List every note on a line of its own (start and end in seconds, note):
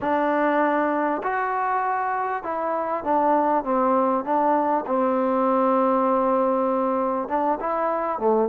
0.00 1.21 D4
1.23 2.43 F#4
2.43 3.03 E4
3.03 3.64 D4
3.64 4.24 C4
4.24 4.85 D4
4.86 7.28 C4
7.28 7.58 D4
7.60 8.18 E4
8.18 8.48 A3